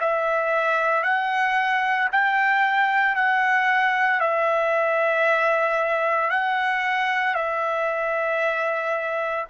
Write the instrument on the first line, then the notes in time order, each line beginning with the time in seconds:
trumpet
0.00 E5
1.03 F#5
2.12 G5
3.15 F#5
4.20 E5
6.30 F#5
7.34 E5